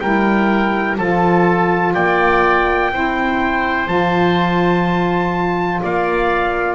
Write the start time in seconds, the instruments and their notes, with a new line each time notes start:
0.00 double bass G3, saxophone E4, oboe A#4, trumpet G5
0.97 double bass F3, saxophone F4, oboe A4, trumpet A5
1.94 double bass A#3, oboe D5, trumpet G5
2.91 double bass C4, saxophone E4, oboe C5
3.86 double bass F3, saxophone F4, trumpet A5
5.81 double bass A#3, oboe D5, trumpet F5